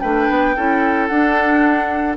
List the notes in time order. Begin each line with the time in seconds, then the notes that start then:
0.00 A3 D4 B4 G5
0.29 B3
0.56 C#4 E4 A4
1.07 D4 F#5